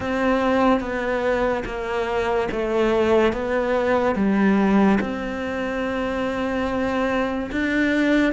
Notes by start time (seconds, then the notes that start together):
0.00 C4
0.80 B3
1.65 A#3
2.51 A3
3.32 B3
4.15 G3
5.00 C4
7.52 D4